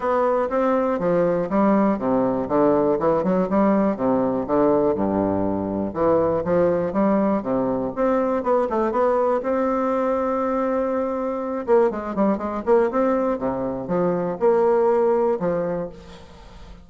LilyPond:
\new Staff \with { instrumentName = "bassoon" } { \time 4/4 \tempo 4 = 121 b4 c'4 f4 g4 | c4 d4 e8 fis8 g4 | c4 d4 g,2 | e4 f4 g4 c4 |
c'4 b8 a8 b4 c'4~ | c'2.~ c'8 ais8 | gis8 g8 gis8 ais8 c'4 c4 | f4 ais2 f4 | }